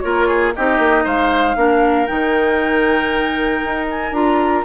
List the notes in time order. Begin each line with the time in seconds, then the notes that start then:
0.00 A#3 F4 A#4 C#5
0.28 G#4
0.56 C4 D#4 G4 D#5
0.79 A#3
1.05 G#3 C5 F5
1.56 A#3 D4 A#4
2.07 D#3 D#4 G5
3.64 D#4
3.90 G#5
4.12 D4 F4 A#5